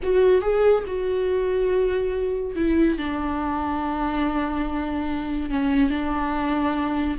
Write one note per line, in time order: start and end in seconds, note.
0.02 0.41 F#4
0.41 0.84 G#4
0.86 2.55 F#4
2.55 2.98 E4
2.98 5.49 D4
5.49 5.90 C#4
5.90 7.16 D4